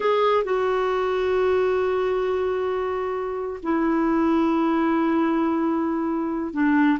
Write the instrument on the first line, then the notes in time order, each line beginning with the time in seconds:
clarinet
0.00 G#4
0.44 F#4
3.62 E4
6.53 D4